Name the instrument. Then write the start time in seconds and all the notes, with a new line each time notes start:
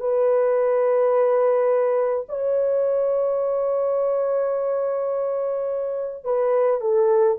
horn
0.00 B4
2.28 C#5
6.24 B4
6.81 A4